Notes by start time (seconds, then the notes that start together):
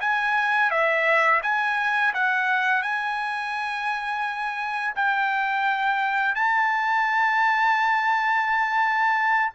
0.00 G#5
0.70 E5
1.42 G#5
2.13 F#5
2.82 G#5
4.95 G5
6.35 A5